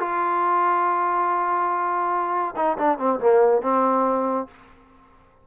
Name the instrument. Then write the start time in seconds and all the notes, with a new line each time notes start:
trombone
0.00 F4
2.56 D#4
2.78 D4
2.99 C4
3.20 A#3
3.62 C4